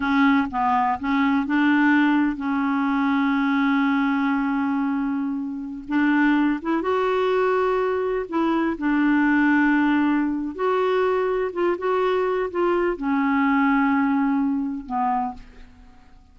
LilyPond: \new Staff \with { instrumentName = "clarinet" } { \time 4/4 \tempo 4 = 125 cis'4 b4 cis'4 d'4~ | d'4 cis'2.~ | cis'1~ | cis'16 d'4. e'8 fis'4.~ fis'16~ |
fis'4~ fis'16 e'4 d'4.~ d'16~ | d'2 fis'2 | f'8 fis'4. f'4 cis'4~ | cis'2. b4 | }